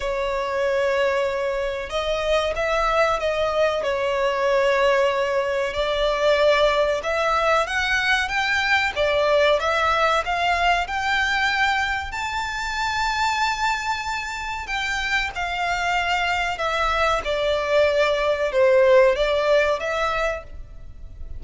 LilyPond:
\new Staff \with { instrumentName = "violin" } { \time 4/4 \tempo 4 = 94 cis''2. dis''4 | e''4 dis''4 cis''2~ | cis''4 d''2 e''4 | fis''4 g''4 d''4 e''4 |
f''4 g''2 a''4~ | a''2. g''4 | f''2 e''4 d''4~ | d''4 c''4 d''4 e''4 | }